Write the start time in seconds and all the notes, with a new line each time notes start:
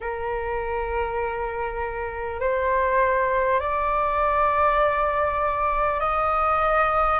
0.00 A#4
2.39 C5
3.60 D5
6.00 D#5